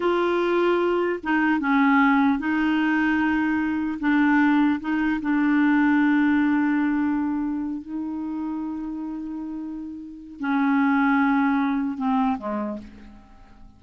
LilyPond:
\new Staff \with { instrumentName = "clarinet" } { \time 4/4 \tempo 4 = 150 f'2. dis'4 | cis'2 dis'2~ | dis'2 d'2 | dis'4 d'2.~ |
d'2.~ d'8 dis'8~ | dis'1~ | dis'2 cis'2~ | cis'2 c'4 gis4 | }